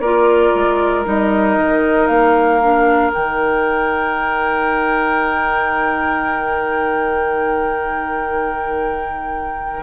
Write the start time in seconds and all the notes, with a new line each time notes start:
0.00 A#3 F4 A#4 D5
0.55 G#3
1.05 G3 D#4 D#5
1.58 D#3
2.07 A#3 F5
2.62 D4
3.12 D#3 D#4 G5